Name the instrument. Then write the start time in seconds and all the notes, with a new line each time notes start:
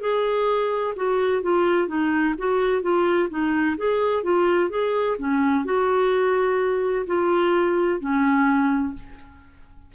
clarinet
0.00 G#4
0.96 F#4
1.42 F4
1.87 D#4
2.38 F#4
2.82 F4
3.29 D#4
3.77 G#4
4.23 F4
4.70 G#4
5.18 C#4
5.65 F#4
7.07 F4
8.00 C#4